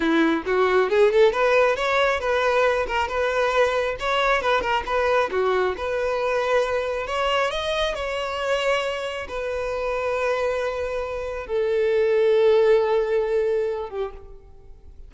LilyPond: \new Staff \with { instrumentName = "violin" } { \time 4/4 \tempo 4 = 136 e'4 fis'4 gis'8 a'8 b'4 | cis''4 b'4. ais'8 b'4~ | b'4 cis''4 b'8 ais'8 b'4 | fis'4 b'2. |
cis''4 dis''4 cis''2~ | cis''4 b'2.~ | b'2 a'2~ | a'2.~ a'8 g'8 | }